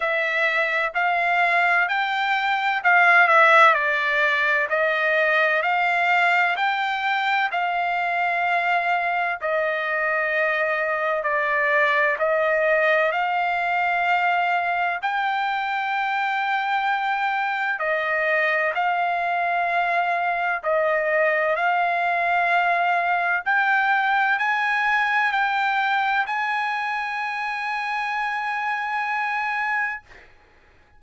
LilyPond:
\new Staff \with { instrumentName = "trumpet" } { \time 4/4 \tempo 4 = 64 e''4 f''4 g''4 f''8 e''8 | d''4 dis''4 f''4 g''4 | f''2 dis''2 | d''4 dis''4 f''2 |
g''2. dis''4 | f''2 dis''4 f''4~ | f''4 g''4 gis''4 g''4 | gis''1 | }